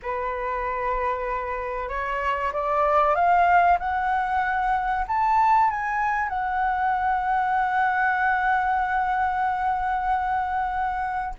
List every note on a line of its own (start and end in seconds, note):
0.02 1.88 B4
1.88 2.51 C#5
2.53 3.15 D5
3.15 3.78 F5
3.79 5.05 F#5
5.07 5.70 A5
5.70 6.28 G#5
6.28 11.34 F#5